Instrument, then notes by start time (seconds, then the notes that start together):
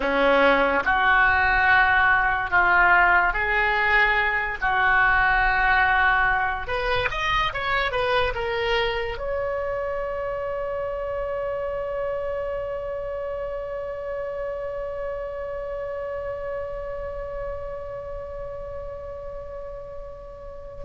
oboe
0.00 C#4
0.84 F#4
2.50 F4
3.33 G#4
4.61 F#4
6.67 B4
7.11 D#5
7.53 C#5
7.91 B4
8.34 A#4
9.17 C#5